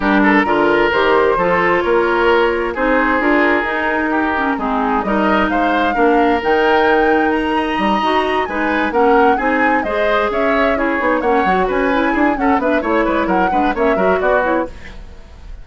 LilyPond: <<
  \new Staff \with { instrumentName = "flute" } { \time 4/4 \tempo 4 = 131 ais'2 c''2 | cis''2 c''4 ais'4~ | ais'2 gis'4 dis''4 | f''2 g''2 |
ais''2~ ais''8 gis''4 fis''8~ | fis''8 gis''4 dis''4 e''4 cis''8~ | cis''8 fis''4 gis''4. fis''8 e''8 | cis''4 fis''4 e''4 d''8 cis''8 | }
  \new Staff \with { instrumentName = "oboe" } { \time 4/4 g'8 a'8 ais'2 a'4 | ais'2 gis'2~ | gis'4 g'4 dis'4 ais'4 | c''4 ais'2.~ |
ais'8 dis''2 b'4 ais'8~ | ais'8 gis'4 c''4 cis''4 gis'8~ | gis'8 cis''4 b'4 gis'8 a'8 b'8 | cis''8 b'8 ais'8 b'8 cis''8 ais'8 fis'4 | }
  \new Staff \with { instrumentName = "clarinet" } { \time 4/4 d'4 f'4 g'4 f'4~ | f'2 dis'4 f'4 | dis'4. cis'8 c'4 dis'4~ | dis'4 d'4 dis'2~ |
dis'4. fis'4 dis'4 cis'8~ | cis'8 dis'4 gis'2 e'8 | dis'8 cis'8 fis'4 e'4 cis'8 d'8 | e'4. d'8 cis'8 fis'4 e'8 | }
  \new Staff \with { instrumentName = "bassoon" } { \time 4/4 g4 d4 dis4 f4 | ais2 c'4 d'4 | dis'2 gis4 g4 | gis4 ais4 dis2~ |
dis4 g8 dis'4 gis4 ais8~ | ais8 c'4 gis4 cis'4. | b8 ais8 fis8 cis'4 d'8 cis'8 b8 | a8 gis8 fis8 gis8 ais8 fis8 b4 | }
>>